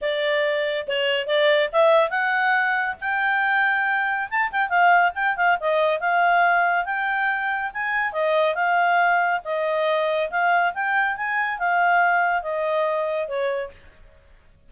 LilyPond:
\new Staff \with { instrumentName = "clarinet" } { \time 4/4 \tempo 4 = 140 d''2 cis''4 d''4 | e''4 fis''2 g''4~ | g''2 a''8 g''8 f''4 | g''8 f''8 dis''4 f''2 |
g''2 gis''4 dis''4 | f''2 dis''2 | f''4 g''4 gis''4 f''4~ | f''4 dis''2 cis''4 | }